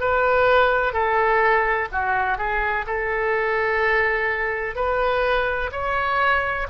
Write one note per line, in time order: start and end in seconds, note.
0.00 0.93 B4
0.93 1.88 A4
1.91 2.37 F#4
2.37 2.85 G#4
2.86 4.75 A4
4.75 5.70 B4
5.71 6.67 C#5